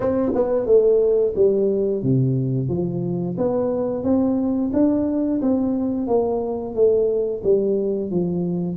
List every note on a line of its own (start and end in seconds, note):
0.00 0.31 C4
0.35 0.66 B3
0.66 1.33 A3
1.35 2.02 G3
2.02 2.68 C3
2.68 3.36 F3
3.37 4.03 B3
4.03 4.71 C4
4.73 5.40 D4
5.41 6.07 C4
6.07 6.74 A#3
6.74 7.42 A3
7.43 8.11 G3
8.11 8.76 F3